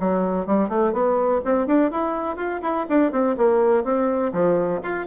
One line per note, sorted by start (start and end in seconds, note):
0.00 0.47 F#3
0.47 0.69 G3
0.69 0.93 A3
0.93 1.41 B3
1.45 1.67 C4
1.67 1.91 D4
1.91 2.37 E4
2.37 2.61 F4
2.62 2.87 E4
2.90 3.12 D4
3.12 3.36 C4
3.37 3.84 A#3
3.84 4.33 C4
4.33 4.81 F3
4.83 5.07 F4